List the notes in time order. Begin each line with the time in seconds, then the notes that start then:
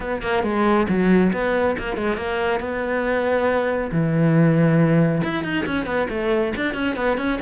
0.00 B3
0.22 A#3
0.43 G#3
0.89 F#3
1.32 B3
1.78 A#3
1.96 G#3
2.16 A#3
2.60 B3
3.91 E3
5.23 E4
5.43 D#4
5.65 C#4
5.86 B3
6.09 A3
6.56 D4
6.74 C#4
6.96 B3
7.17 C#4